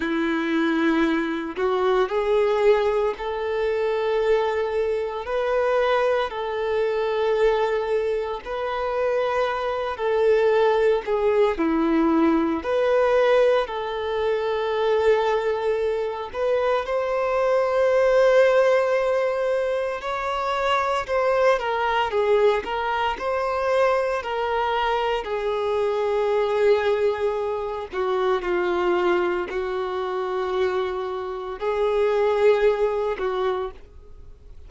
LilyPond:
\new Staff \with { instrumentName = "violin" } { \time 4/4 \tempo 4 = 57 e'4. fis'8 gis'4 a'4~ | a'4 b'4 a'2 | b'4. a'4 gis'8 e'4 | b'4 a'2~ a'8 b'8 |
c''2. cis''4 | c''8 ais'8 gis'8 ais'8 c''4 ais'4 | gis'2~ gis'8 fis'8 f'4 | fis'2 gis'4. fis'8 | }